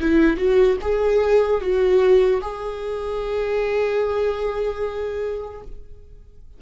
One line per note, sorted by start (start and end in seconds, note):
0.00 0.37 E4
0.37 0.77 F#4
0.81 1.61 G#4
1.61 2.41 F#4
2.41 5.61 G#4